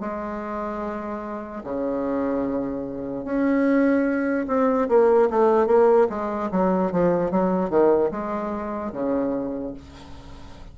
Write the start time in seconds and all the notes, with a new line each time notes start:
0.00 G#3
1.63 C#3
3.24 C#4
4.47 C4
4.88 A#3
5.30 A3
5.66 A#3
6.09 G#3
6.51 F#3
6.92 F3
7.30 F#3
7.69 D#3
8.11 G#3
8.93 C#3